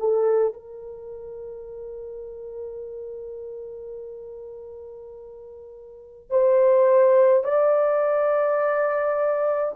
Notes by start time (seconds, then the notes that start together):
0.00 A4
0.54 A#4
6.31 C5
7.44 D5